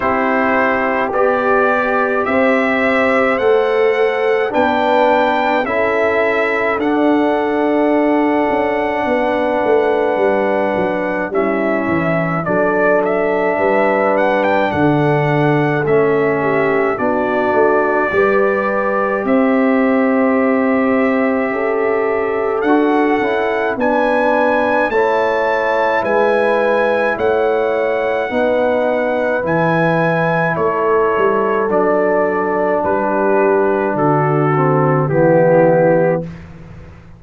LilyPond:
<<
  \new Staff \with { instrumentName = "trumpet" } { \time 4/4 \tempo 4 = 53 c''4 d''4 e''4 fis''4 | g''4 e''4 fis''2~ | fis''2 e''4 d''8 e''8~ | e''8 fis''16 g''16 fis''4 e''4 d''4~ |
d''4 e''2. | fis''4 gis''4 a''4 gis''4 | fis''2 gis''4 cis''4 | d''4 b'4 a'4 g'4 | }
  \new Staff \with { instrumentName = "horn" } { \time 4/4 g'2 c''2 | b'4 a'2. | b'2 e'4 a'4 | b'4 a'4. g'8 fis'4 |
b'4 c''2 a'4~ | a'4 b'4 cis''4 b'4 | cis''4 b'2 a'4~ | a'4 g'4 fis'4 e'4 | }
  \new Staff \with { instrumentName = "trombone" } { \time 4/4 e'4 g'2 a'4 | d'4 e'4 d'2~ | d'2 cis'4 d'4~ | d'2 cis'4 d'4 |
g'1 | fis'8 e'8 d'4 e'2~ | e'4 dis'4 e'2 | d'2~ d'8 c'8 b4 | }
  \new Staff \with { instrumentName = "tuba" } { \time 4/4 c'4 b4 c'4 a4 | b4 cis'4 d'4. cis'8 | b8 a8 g8 fis8 g8 e8 fis4 | g4 d4 a4 b8 a8 |
g4 c'2 cis'4 | d'8 cis'8 b4 a4 gis4 | a4 b4 e4 a8 g8 | fis4 g4 d4 e4 | }
>>